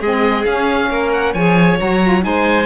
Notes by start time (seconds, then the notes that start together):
0.00 G#3 C4 G#4 D#5
0.45 C#4 F5
0.90 A#3 A#4
1.12 F#5
1.33 F3 G#4 C#5 G#5
1.78 F#3 F#4 A#5
2.03 F4
2.21 G#3 D#4 C5 G#5